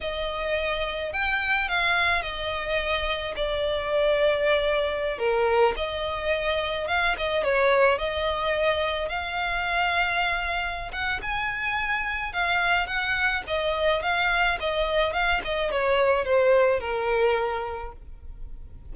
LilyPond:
\new Staff \with { instrumentName = "violin" } { \time 4/4 \tempo 4 = 107 dis''2 g''4 f''4 | dis''2 d''2~ | d''4~ d''16 ais'4 dis''4.~ dis''16~ | dis''16 f''8 dis''8 cis''4 dis''4.~ dis''16~ |
dis''16 f''2.~ f''16 fis''8 | gis''2 f''4 fis''4 | dis''4 f''4 dis''4 f''8 dis''8 | cis''4 c''4 ais'2 | }